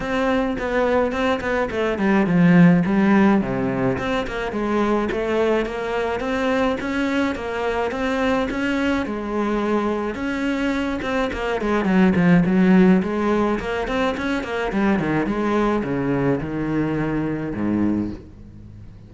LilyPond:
\new Staff \with { instrumentName = "cello" } { \time 4/4 \tempo 4 = 106 c'4 b4 c'8 b8 a8 g8 | f4 g4 c4 c'8 ais8 | gis4 a4 ais4 c'4 | cis'4 ais4 c'4 cis'4 |
gis2 cis'4. c'8 | ais8 gis8 fis8 f8 fis4 gis4 | ais8 c'8 cis'8 ais8 g8 dis8 gis4 | cis4 dis2 gis,4 | }